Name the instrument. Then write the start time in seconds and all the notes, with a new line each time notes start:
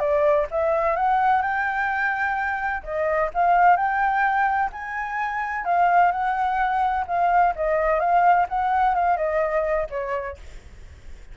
flute
0.00 D5
0.51 E5
0.96 F#5
1.43 G5
2.84 D#5
3.35 F5
3.77 G5
4.73 G#5
5.65 F5
6.12 F#5
7.08 F5
7.56 D#5
8.00 F5
8.50 F#5
8.95 F5
9.17 D#5
9.91 C#5